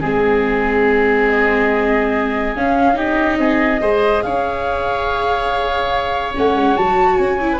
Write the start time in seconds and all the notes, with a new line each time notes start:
0.00 G#3 C4 G#4
1.28 D#5
2.56 C#4 F5
2.94 D#4 G4 D#5
3.38 C4 G#4
3.81 G#3 G#4 C5
4.22 C#4 C#5 F5
6.34 A3 C#4 F#5
6.55 G#3
6.76 F#3 F#4 A5
7.16 C#4 G#5
7.40 E4
7.52 B4